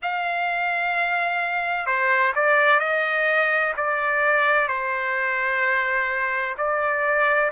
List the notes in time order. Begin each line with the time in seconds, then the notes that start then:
0.02 F5
1.86 C5
2.35 D5
2.79 D#5
3.77 D5
4.68 C5
6.57 D5